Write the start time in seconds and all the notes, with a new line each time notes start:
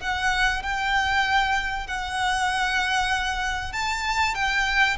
0.00 F#5
0.62 G5
1.87 F#5
3.72 A5
4.34 G5